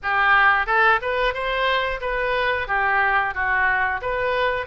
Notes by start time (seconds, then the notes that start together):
0.02 G4
0.66 A4
1.01 B4
1.33 C5
2.00 B4
2.67 G4
3.34 F#4
4.01 B4